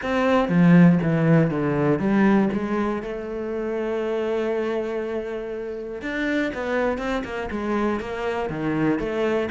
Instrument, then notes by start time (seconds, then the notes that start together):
cello
0.02 C4
0.48 F3
1.02 E3
1.50 D3
1.99 G3
2.52 G#3
3.02 A3
6.01 D4
6.54 B3
6.97 C4
7.24 A#3
7.51 G#3
8.00 A#3
8.49 D#3
8.99 A3